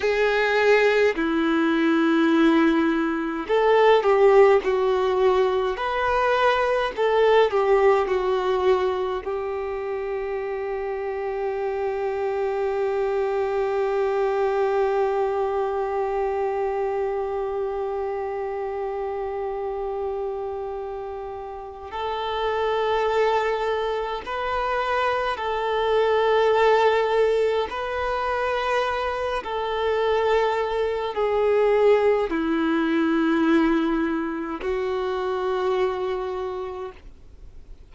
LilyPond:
\new Staff \with { instrumentName = "violin" } { \time 4/4 \tempo 4 = 52 gis'4 e'2 a'8 g'8 | fis'4 b'4 a'8 g'8 fis'4 | g'1~ | g'1~ |
g'2. a'4~ | a'4 b'4 a'2 | b'4. a'4. gis'4 | e'2 fis'2 | }